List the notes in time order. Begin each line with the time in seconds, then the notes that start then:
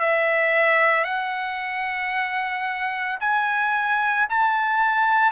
0.00 E5
1.04 F#5
3.20 G#5
4.30 A5